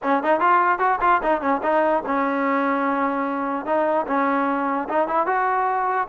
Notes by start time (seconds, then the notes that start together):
0.02 C#4
0.23 D#4
0.40 F4
0.79 F#4
1.00 F4
1.22 D#4
1.41 C#4
1.62 D#4
2.06 C#4
3.65 D#4
4.06 C#4
4.89 D#4
5.07 E4
5.26 F#4